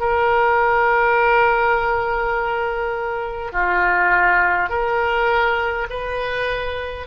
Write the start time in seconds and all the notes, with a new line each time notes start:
0.00 A#4
3.53 F4
4.70 A#4
5.90 B4